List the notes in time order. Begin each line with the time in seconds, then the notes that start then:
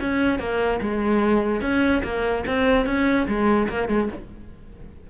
0.00 C#4
0.39 A#3
0.81 G#3
1.61 C#4
2.04 A#3
2.46 C4
2.86 C#4
3.27 G#3
3.69 A#3
3.88 G#3